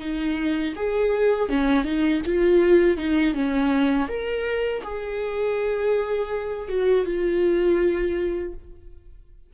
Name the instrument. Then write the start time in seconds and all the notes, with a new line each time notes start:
viola
0.00 D#4
0.76 G#4
1.49 C#4
1.85 D#4
2.26 F4
2.98 D#4
3.34 C#4
4.08 A#4
4.84 G#4
6.69 F#4
7.06 F4